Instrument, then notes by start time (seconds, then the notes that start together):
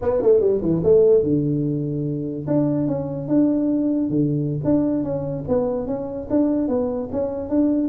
tuba
0.01 B3
0.21 A3
0.40 G3
0.61 E3
0.83 A3
1.23 D3
2.47 D4
2.87 C#4
3.28 D4
4.09 D3
4.64 D4
5.03 C#4
5.48 B3
5.87 C#4
6.30 D4
6.68 B3
7.12 C#4
7.49 D4